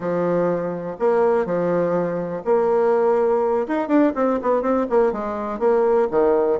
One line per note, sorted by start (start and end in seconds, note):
0.00 0.96 F3
0.99 1.45 A#3
1.45 2.43 F3
2.44 3.66 A#3
3.67 3.88 D#4
3.88 4.12 D4
4.15 4.39 C4
4.41 4.62 B3
4.62 4.86 C4
4.89 5.12 A#3
5.12 5.59 G#3
5.59 6.07 A#3
6.10 6.59 D#3